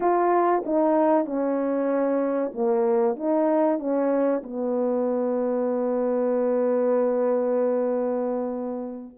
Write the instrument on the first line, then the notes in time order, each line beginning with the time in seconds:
horn
0.00 F4
0.65 D#4
1.25 C#4
2.54 A#3
3.16 D#4
3.79 C#4
4.43 B3